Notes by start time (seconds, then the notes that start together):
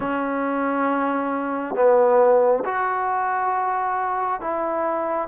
0.00 C#4
1.75 B3
2.64 F#4
4.40 E4